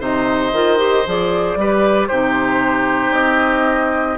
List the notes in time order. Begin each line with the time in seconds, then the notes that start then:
0.00 C3 D#4 C5 D#5
0.53 D#3 F4
0.78 G4
1.07 F3 G#4 D5
1.56 G3 G4 B4
2.08 C3 D#4 G4 C5
3.12 C4 D#5